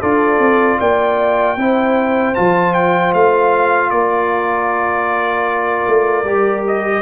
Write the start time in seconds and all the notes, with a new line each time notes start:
0.00 D4 F4 A4 D5
0.39 C4
0.79 A#3 D5 G5
1.57 C4 E4 C5
2.35 F3 F4 A5
2.74 G5
3.14 A3 F5
3.90 A#3 A#4 D5
5.87 A3
6.24 G3 G4
6.67 D#5